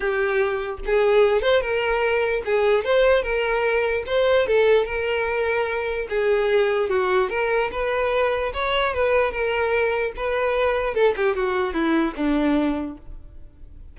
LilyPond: \new Staff \with { instrumentName = "violin" } { \time 4/4 \tempo 4 = 148 g'2 gis'4. c''8 | ais'2 gis'4 c''4 | ais'2 c''4 a'4 | ais'2. gis'4~ |
gis'4 fis'4 ais'4 b'4~ | b'4 cis''4 b'4 ais'4~ | ais'4 b'2 a'8 g'8 | fis'4 e'4 d'2 | }